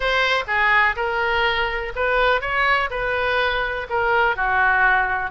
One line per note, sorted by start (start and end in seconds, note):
0.00 0.44 C5
0.47 0.95 G#4
0.96 1.92 A#4
1.95 2.41 B4
2.41 2.89 C#5
2.90 3.87 B4
3.89 4.36 A#4
4.36 5.30 F#4